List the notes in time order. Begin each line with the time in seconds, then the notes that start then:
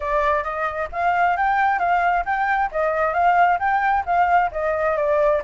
0.00 D5
0.43 D#5
0.91 F5
1.36 G5
1.79 F5
2.25 G5
2.71 D#5
3.13 F5
3.59 G5
4.05 F5
4.51 D#5
4.96 D5